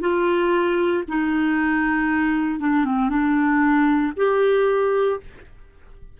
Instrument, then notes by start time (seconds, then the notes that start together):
clarinet
0.00 F4
1.08 D#4
2.60 D4
2.84 C4
3.09 D4
4.17 G4